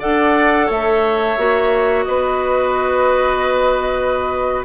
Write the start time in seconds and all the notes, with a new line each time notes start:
0.00 D4 A4 D5 F#5
0.67 A3 C#5 E5
1.37 A#3 F#4
2.04 B3 B4 D#5